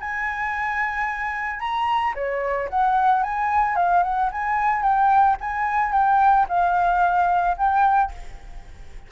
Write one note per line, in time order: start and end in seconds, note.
0.00 1.59 G#5
1.59 2.14 A#5
2.14 2.68 C#5
2.69 3.23 F#5
3.23 3.76 G#5
3.76 4.03 F5
4.03 4.30 F#5
4.31 4.82 G#5
4.82 5.36 G5
5.40 5.92 G#5
5.92 6.46 G5
6.48 7.57 F5
7.57 8.11 G5